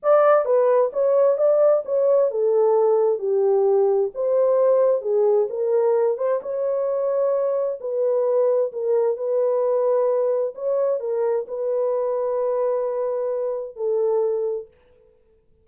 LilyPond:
\new Staff \with { instrumentName = "horn" } { \time 4/4 \tempo 4 = 131 d''4 b'4 cis''4 d''4 | cis''4 a'2 g'4~ | g'4 c''2 gis'4 | ais'4. c''8 cis''2~ |
cis''4 b'2 ais'4 | b'2. cis''4 | ais'4 b'2.~ | b'2 a'2 | }